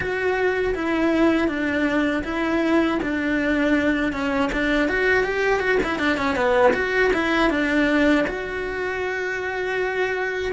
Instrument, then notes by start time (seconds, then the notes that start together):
cello
0.00 F#4
0.74 E4
1.48 D4
2.24 E4
3.02 D4
4.12 C#4
4.52 D4
4.88 F#4
5.23 G4
5.59 F#4
5.83 E4
5.99 D4
6.17 C#4
6.35 B3
6.73 F#4
7.13 E4
7.50 D4
8.27 F#4